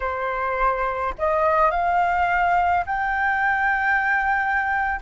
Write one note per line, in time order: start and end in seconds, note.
0.00 1.14 C5
1.18 1.70 D#5
1.70 2.84 F5
2.85 5.00 G5